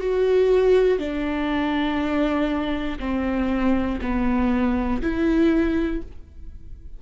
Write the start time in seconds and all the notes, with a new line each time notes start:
0.00 F#4
0.99 D4
3.00 C4
4.01 B3
5.01 E4